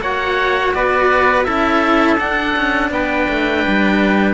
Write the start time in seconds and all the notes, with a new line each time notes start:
0.00 A#3 F#4 C#5 F#5
0.74 B3 B4 D5
1.43 C#4 E4 A4 E5
2.18 D4 F#5
2.56 C#4
2.90 B3 B4 G5
3.30 A3
3.67 G3